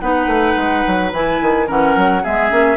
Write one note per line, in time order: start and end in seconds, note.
0.00 0.26 B3
0.00 1.12 D#4
0.00 1.67 B4
0.00 1.11 F#5
0.26 0.54 A3
0.56 0.84 G#3
0.87 1.12 F#3
1.12 1.40 E3
1.12 1.67 E4
1.12 1.69 G#5
1.42 1.69 D#3
1.67 1.96 E3
1.67 2.22 C#4
1.67 2.22 A#4
1.67 2.25 F#5
1.96 2.24 F#3
2.23 2.51 G#3
2.23 2.50 B3
2.23 2.77 G#4
2.23 2.77 E5
2.50 2.77 A#3
2.50 2.77 C#4